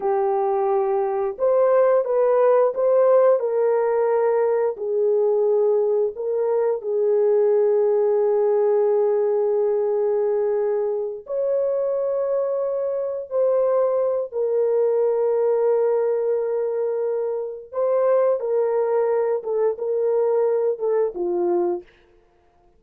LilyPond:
\new Staff \with { instrumentName = "horn" } { \time 4/4 \tempo 4 = 88 g'2 c''4 b'4 | c''4 ais'2 gis'4~ | gis'4 ais'4 gis'2~ | gis'1~ |
gis'8 cis''2. c''8~ | c''4 ais'2.~ | ais'2 c''4 ais'4~ | ais'8 a'8 ais'4. a'8 f'4 | }